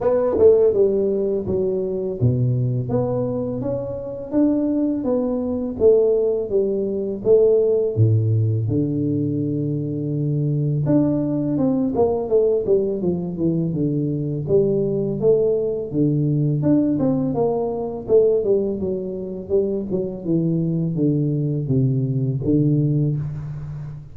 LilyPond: \new Staff \with { instrumentName = "tuba" } { \time 4/4 \tempo 4 = 83 b8 a8 g4 fis4 b,4 | b4 cis'4 d'4 b4 | a4 g4 a4 a,4 | d2. d'4 |
c'8 ais8 a8 g8 f8 e8 d4 | g4 a4 d4 d'8 c'8 | ais4 a8 g8 fis4 g8 fis8 | e4 d4 c4 d4 | }